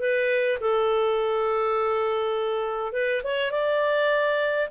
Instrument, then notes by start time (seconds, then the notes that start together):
clarinet
0.00 B4
0.60 A4
2.93 B4
3.24 C#5
3.51 D5